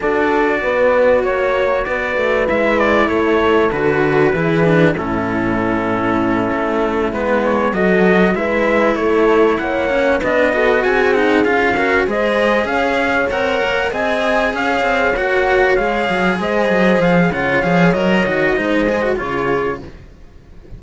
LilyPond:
<<
  \new Staff \with { instrumentName = "trumpet" } { \time 4/4 \tempo 4 = 97 d''2 cis''4 d''4 | e''8 d''8 cis''4 b'2 | a'2.~ a'8 b'8 | cis''8 dis''4 e''4 cis''4 fis''8~ |
fis''8 dis''4 gis''8 fis''8 f''4 dis''8~ | dis''8 f''4 fis''4 gis''4 f''8~ | f''8 fis''4 f''4 dis''4 f''8 | fis''8 f''8 dis''2 cis''4 | }
  \new Staff \with { instrumentName = "horn" } { \time 4/4 a'4 b'4 cis''4 b'4~ | b'4 a'2 gis'4 | e'1~ | e'8 a'4 b'4 a'4 cis''8~ |
cis''8 b'8 a'8 gis'4. ais'8 c''8~ | c''8 cis''2 dis''4 cis''8~ | cis''2~ cis''8 c''4. | cis''2 c''4 gis'4 | }
  \new Staff \with { instrumentName = "cello" } { \time 4/4 fis'1 | e'2 fis'4 e'8 d'8 | cis'2.~ cis'8 b8~ | b8 fis'4 e'2~ e'8 |
cis'8 d'8 fis'4 dis'8 f'8 fis'8 gis'8~ | gis'4. ais'4 gis'4.~ | gis'8 fis'4 gis'2~ gis'8 | f'8 gis'8 ais'8 fis'8 dis'8 gis'16 fis'16 f'4 | }
  \new Staff \with { instrumentName = "cello" } { \time 4/4 d'4 b4 ais4 b8 a8 | gis4 a4 d4 e4 | a,2~ a,8 a4 gis8~ | gis8 fis4 gis4 a4 ais8~ |
ais8 b4 c'4 cis'4 gis8~ | gis8 cis'4 c'8 ais8 c'4 cis'8 | c'8 ais4 gis8 fis8 gis8 fis8 f8 | cis8 f8 fis8 dis8 gis4 cis4 | }
>>